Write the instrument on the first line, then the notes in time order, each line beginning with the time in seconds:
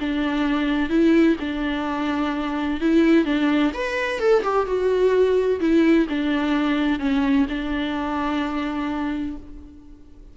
viola
0.00 D4
0.89 E4
1.40 D4
2.81 E4
3.25 D4
3.74 B4
4.20 A4
4.43 G4
4.66 F#4
5.60 E4
6.09 D4
7.00 C#4
7.49 D4